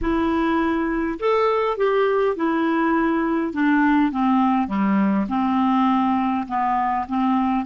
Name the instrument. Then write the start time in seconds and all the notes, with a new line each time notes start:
clarinet
0.01 E4
1.19 A4
1.77 G4
2.35 E4
3.53 D4
4.11 C4
4.67 G3
5.29 C4
6.47 B3
7.08 C4